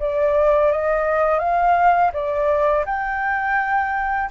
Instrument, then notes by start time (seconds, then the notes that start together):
flute
0.00 D5
0.72 D#5
1.40 F5
2.13 D5
2.86 G5